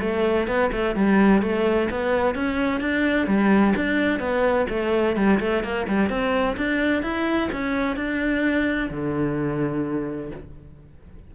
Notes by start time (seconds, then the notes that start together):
0.00 A3
0.47 B3
0.72 A3
0.95 G3
1.42 A3
1.90 B3
2.35 C#4
2.80 D4
3.27 G3
3.75 D4
4.19 B3
4.69 A3
5.16 G3
5.39 A3
5.63 A#3
5.87 G3
6.09 C4
6.57 D4
7.02 E4
7.52 C#4
7.96 D4
8.90 D3